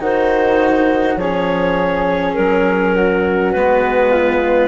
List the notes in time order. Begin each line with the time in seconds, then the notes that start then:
0.00 D#3 D#4 F#4 C5
1.16 F3 C#4 G#4 C#5
2.34 F#3 A#4
2.96 F#4
3.52 G#3 B3 B4
4.11 F4